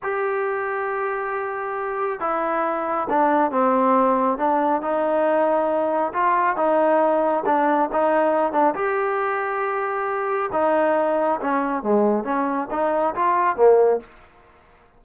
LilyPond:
\new Staff \with { instrumentName = "trombone" } { \time 4/4 \tempo 4 = 137 g'1~ | g'4 e'2 d'4 | c'2 d'4 dis'4~ | dis'2 f'4 dis'4~ |
dis'4 d'4 dis'4. d'8 | g'1 | dis'2 cis'4 gis4 | cis'4 dis'4 f'4 ais4 | }